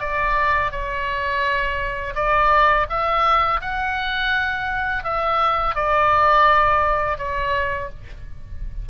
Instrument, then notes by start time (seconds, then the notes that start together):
oboe
0.00 D5
0.71 C#5
2.15 D5
2.89 E5
3.61 F#5
5.04 E5
5.75 D5
7.18 C#5